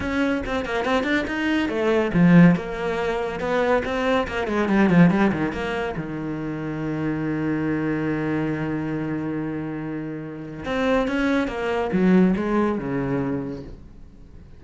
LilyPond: \new Staff \with { instrumentName = "cello" } { \time 4/4 \tempo 4 = 141 cis'4 c'8 ais8 c'8 d'8 dis'4 | a4 f4 ais2 | b4 c'4 ais8 gis8 g8 f8 | g8 dis8 ais4 dis2~ |
dis1~ | dis1~ | dis4 c'4 cis'4 ais4 | fis4 gis4 cis2 | }